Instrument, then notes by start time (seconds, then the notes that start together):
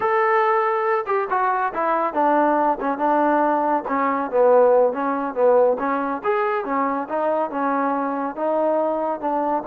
trombone
0.00 A4
1.06 G4
1.30 F#4
1.73 E4
2.13 D4
2.80 C#4
2.98 D4
3.88 C#4
4.30 B3
4.92 C#4
5.34 B3
5.79 C#4
6.23 G#4
6.64 C#4
7.08 D#4
7.50 C#4
8.35 D#4
9.20 D4